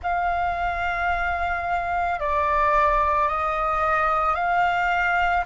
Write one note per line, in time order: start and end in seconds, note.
0.02 2.19 F5
2.19 3.28 D5
3.28 4.34 D#5
4.34 5.43 F5